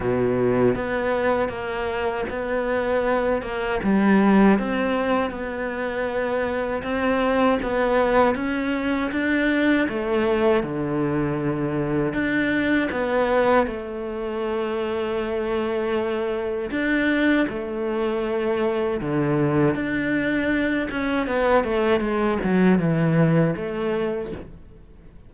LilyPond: \new Staff \with { instrumentName = "cello" } { \time 4/4 \tempo 4 = 79 b,4 b4 ais4 b4~ | b8 ais8 g4 c'4 b4~ | b4 c'4 b4 cis'4 | d'4 a4 d2 |
d'4 b4 a2~ | a2 d'4 a4~ | a4 d4 d'4. cis'8 | b8 a8 gis8 fis8 e4 a4 | }